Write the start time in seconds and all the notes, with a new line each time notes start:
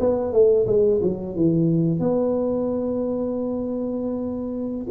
0.00 B3
0.33 A3
0.67 G#3
1.02 F#3
1.35 E3
2.00 B3